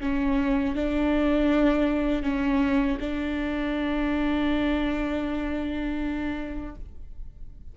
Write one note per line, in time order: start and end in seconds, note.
0.00 0.75 C#4
0.75 2.23 D4
2.23 2.98 C#4
3.00 6.75 D4